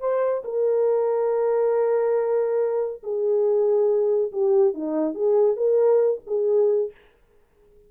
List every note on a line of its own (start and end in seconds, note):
0.00 0.43 C5
0.45 3.02 A#4
3.03 4.32 G#4
4.32 4.74 G4
4.74 5.14 D#4
5.14 5.56 G#4
5.56 6.21 A#4
6.27 6.91 G#4